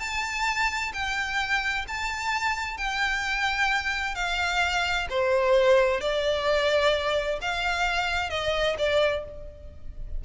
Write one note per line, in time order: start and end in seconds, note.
0.00 0.92 A5
0.93 1.86 G5
1.88 2.78 A5
2.78 4.15 G5
4.15 5.07 F5
5.10 6.01 C5
6.01 7.39 D5
7.41 8.30 F5
8.30 8.76 D#5
8.78 9.25 D5